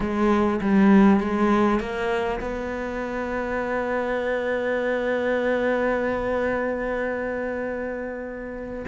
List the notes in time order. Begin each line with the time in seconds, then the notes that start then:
0.00 G#3
0.61 G3
1.20 G#3
1.80 A#3
2.40 B3